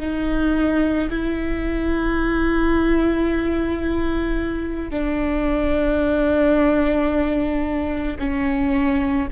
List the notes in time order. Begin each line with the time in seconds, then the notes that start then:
0.00 D#4
1.10 E4
4.90 D4
8.20 C#4